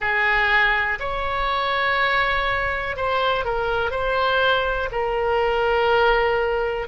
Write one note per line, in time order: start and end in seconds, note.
0.00 0.98 G#4
0.99 2.96 C#5
2.96 3.44 C5
3.44 3.91 A#4
3.91 4.89 C5
4.91 6.87 A#4